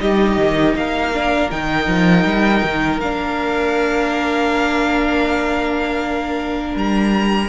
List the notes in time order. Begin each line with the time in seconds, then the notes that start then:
0.00 G3 D#4 G4 D#5
0.37 D#3
0.74 A#3 A#4 F5
1.13 D4
1.50 D#3 D#4 G5
1.87 F3
2.24 G3
2.63 D#3
3.00 A#3 D4 F5
6.75 G3 A#5